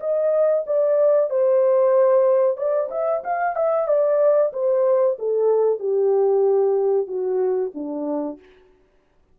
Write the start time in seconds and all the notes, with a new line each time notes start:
0.00 D#5
0.67 D5
1.30 C5
2.57 D5
2.91 E5
3.24 F5
3.56 E5
3.87 D5
4.53 C5
5.19 A4
5.79 G4
7.07 F#4
7.74 D4